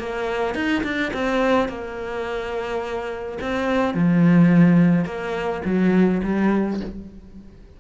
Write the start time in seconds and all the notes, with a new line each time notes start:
0.00 A#3
0.55 D#4
0.84 D4
1.14 C4
1.69 A#3
3.42 C4
3.95 F3
5.05 A#3
5.66 F#3
6.24 G3